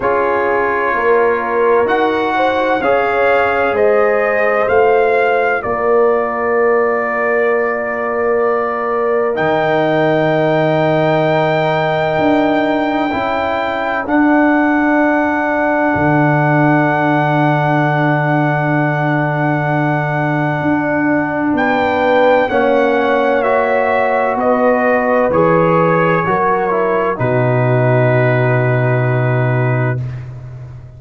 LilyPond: <<
  \new Staff \with { instrumentName = "trumpet" } { \time 4/4 \tempo 4 = 64 cis''2 fis''4 f''4 | dis''4 f''4 d''2~ | d''2 g''2~ | g''2. fis''4~ |
fis''1~ | fis''2. g''4 | fis''4 e''4 dis''4 cis''4~ | cis''4 b'2. | }
  \new Staff \with { instrumentName = "horn" } { \time 4/4 gis'4 ais'4. c''8 cis''4 | c''2 ais'2~ | ais'1~ | ais'2 a'2~ |
a'1~ | a'2. b'4 | cis''2 b'2 | ais'4 fis'2. | }
  \new Staff \with { instrumentName = "trombone" } { \time 4/4 f'2 fis'4 gis'4~ | gis'4 f'2.~ | f'2 dis'2~ | dis'2 e'4 d'4~ |
d'1~ | d'1 | cis'4 fis'2 gis'4 | fis'8 e'8 dis'2. | }
  \new Staff \with { instrumentName = "tuba" } { \time 4/4 cis'4 ais4 dis'4 cis'4 | gis4 a4 ais2~ | ais2 dis2~ | dis4 d'4 cis'4 d'4~ |
d'4 d2.~ | d2 d'4 b4 | ais2 b4 e4 | fis4 b,2. | }
>>